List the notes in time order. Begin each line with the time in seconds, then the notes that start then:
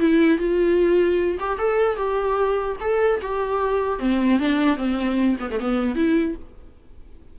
0.00 E4
0.38 F4
1.40 G4
1.59 A4
1.97 G4
2.81 A4
3.22 G4
4.00 C4
4.40 D4
4.77 C4
5.41 B3
5.51 A3
5.60 B3
5.96 E4